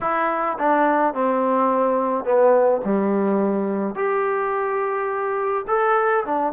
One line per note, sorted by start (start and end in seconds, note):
0.01 0.57 E4
0.58 1.13 D4
1.13 2.24 C4
2.24 2.81 B3
2.85 3.95 G3
3.95 5.64 G4
5.67 6.24 A4
6.25 6.52 D4